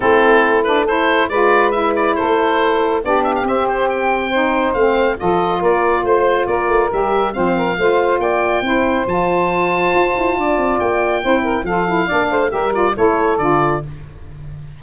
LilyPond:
<<
  \new Staff \with { instrumentName = "oboe" } { \time 4/4 \tempo 4 = 139 a'4. b'8 c''4 d''4 | e''8 d''8 c''2 d''8 e''16 f''16 | e''8 c''8 g''2 f''4 | dis''4 d''4 c''4 d''4 |
e''4 f''2 g''4~ | g''4 a''2.~ | a''4 g''2 f''4~ | f''4 e''8 d''8 cis''4 d''4 | }
  \new Staff \with { instrumentName = "saxophone" } { \time 4/4 e'2 a'4 b'4~ | b'4 a'2 g'4~ | g'2 c''2 | a'4 ais'4 c''4 ais'4~ |
ais'4 c''8 ais'8 c''4 d''4 | c''1 | d''2 c''8 ais'8 a'4 | d''8 c''8 ais'4 a'2 | }
  \new Staff \with { instrumentName = "saxophone" } { \time 4/4 c'4. d'8 e'4 f'4 | e'2. d'4 | c'2 dis'4 c'4 | f'1 |
g'4 c'4 f'2 | e'4 f'2.~ | f'2 e'4 f'8 e'8 | d'4 g'8 f'8 e'4 f'4 | }
  \new Staff \with { instrumentName = "tuba" } { \time 4/4 a2. gis4~ | gis4 a2 b4 | c'2. a4 | f4 ais4 a4 ais8 a8 |
g4 f4 a4 ais4 | c'4 f2 f'8 e'8 | d'8 c'8 ais4 c'4 f4 | ais8 a8 g4 a4 d4 | }
>>